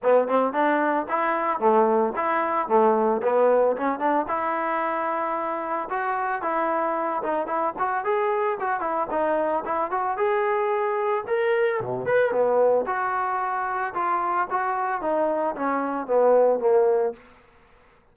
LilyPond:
\new Staff \with { instrumentName = "trombone" } { \time 4/4 \tempo 4 = 112 b8 c'8 d'4 e'4 a4 | e'4 a4 b4 cis'8 d'8 | e'2. fis'4 | e'4. dis'8 e'8 fis'8 gis'4 |
fis'8 e'8 dis'4 e'8 fis'8 gis'4~ | gis'4 ais'4 b,8 b'8 b4 | fis'2 f'4 fis'4 | dis'4 cis'4 b4 ais4 | }